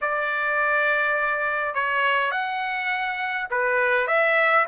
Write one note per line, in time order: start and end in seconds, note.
0.01 1.74 D5
1.74 2.31 C#5
2.31 3.47 F#5
3.50 4.07 B4
4.07 4.65 E5